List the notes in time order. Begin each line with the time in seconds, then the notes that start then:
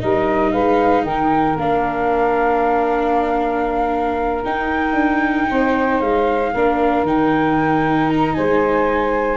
0.00 G3 D#4 A#4 D#5
0.52 G#3 B4 F5
1.04 D#3 A#4 G5
1.57 A#3 D4 F5
4.44 D#4 G5
4.93 D4
5.50 C4 C5
6.01 G#3 F5
6.52 A#3 D4 A#4
7.03 D#3 D#4 G5
8.10 A#5
8.35 G#3 C5 G#5